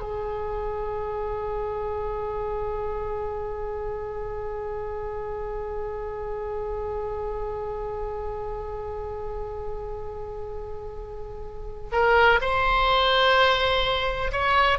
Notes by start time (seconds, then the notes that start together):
0.00 G#4
11.92 A#4
12.41 C5
14.32 C#5